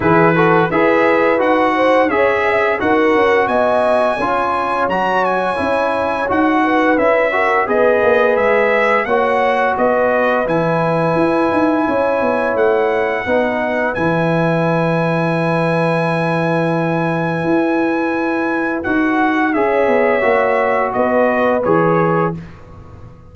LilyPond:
<<
  \new Staff \with { instrumentName = "trumpet" } { \time 4/4 \tempo 4 = 86 b'4 e''4 fis''4 e''4 | fis''4 gis''2 ais''8 gis''8~ | gis''4 fis''4 e''4 dis''4 | e''4 fis''4 dis''4 gis''4~ |
gis''2 fis''2 | gis''1~ | gis''2. fis''4 | e''2 dis''4 cis''4 | }
  \new Staff \with { instrumentName = "horn" } { \time 4/4 gis'8 a'8 b'4. c''8 cis''8 e''8 | ais'4 dis''4 cis''2~ | cis''4. b'4 ais'8 b'4~ | b'4 cis''4 b'2~ |
b'4 cis''2 b'4~ | b'1~ | b'1 | cis''2 b'2 | }
  \new Staff \with { instrumentName = "trombone" } { \time 4/4 e'8 fis'8 gis'4 fis'4 gis'4 | fis'2 f'4 fis'4 | e'4 fis'4 e'8 fis'8 gis'4~ | gis'4 fis'2 e'4~ |
e'2. dis'4 | e'1~ | e'2. fis'4 | gis'4 fis'2 gis'4 | }
  \new Staff \with { instrumentName = "tuba" } { \time 4/4 e4 e'4 dis'4 cis'4 | dis'8 cis'8 b4 cis'4 fis4 | cis'4 dis'4 cis'4 b8 ais8 | gis4 ais4 b4 e4 |
e'8 dis'8 cis'8 b8 a4 b4 | e1~ | e4 e'2 dis'4 | cis'8 b8 ais4 b4 e4 | }
>>